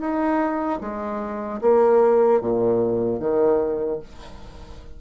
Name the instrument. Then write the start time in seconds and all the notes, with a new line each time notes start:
bassoon
0.00 D#4
0.81 G#3
1.61 A#3
2.41 A#2
3.19 D#3